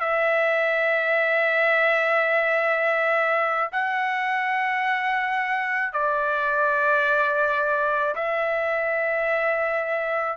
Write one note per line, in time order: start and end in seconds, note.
0.00 3.70 E5
3.72 5.93 F#5
5.93 8.15 D5
8.15 10.37 E5